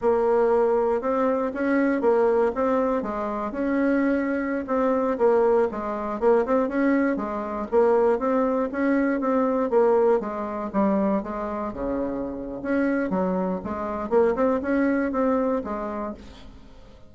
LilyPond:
\new Staff \with { instrumentName = "bassoon" } { \time 4/4 \tempo 4 = 119 ais2 c'4 cis'4 | ais4 c'4 gis4 cis'4~ | cis'4~ cis'16 c'4 ais4 gis8.~ | gis16 ais8 c'8 cis'4 gis4 ais8.~ |
ais16 c'4 cis'4 c'4 ais8.~ | ais16 gis4 g4 gis4 cis8.~ | cis4 cis'4 fis4 gis4 | ais8 c'8 cis'4 c'4 gis4 | }